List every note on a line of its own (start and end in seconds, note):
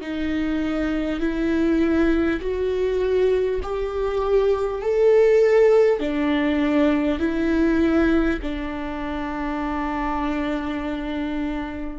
0.00 1.20 D#4
1.20 2.40 E4
2.40 3.60 F#4
3.62 4.82 G4
4.82 5.99 A4
5.99 7.19 D4
7.19 8.39 E4
8.42 11.99 D4